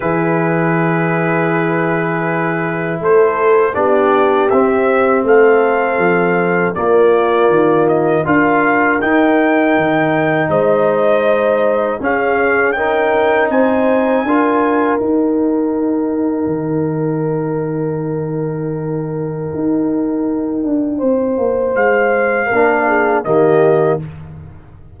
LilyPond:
<<
  \new Staff \with { instrumentName = "trumpet" } { \time 4/4 \tempo 4 = 80 b'1 | c''4 d''4 e''4 f''4~ | f''4 d''4. dis''8 f''4 | g''2 dis''2 |
f''4 g''4 gis''2 | g''1~ | g''1~ | g''4 f''2 dis''4 | }
  \new Staff \with { instrumentName = "horn" } { \time 4/4 gis'1 | a'4 g'2 a'4~ | a'4 f'2 ais'4~ | ais'2 c''2 |
gis'4 ais'4 c''4 ais'4~ | ais'1~ | ais'1 | c''2 ais'8 gis'8 g'4 | }
  \new Staff \with { instrumentName = "trombone" } { \time 4/4 e'1~ | e'4 d'4 c'2~ | c'4 ais2 f'4 | dis'1 |
cis'4 dis'2 f'4 | dis'1~ | dis'1~ | dis'2 d'4 ais4 | }
  \new Staff \with { instrumentName = "tuba" } { \time 4/4 e1 | a4 b4 c'4 a4 | f4 ais4 dis4 d'4 | dis'4 dis4 gis2 |
cis'2 c'4 d'4 | dis'2 dis2~ | dis2 dis'4. d'8 | c'8 ais8 gis4 ais4 dis4 | }
>>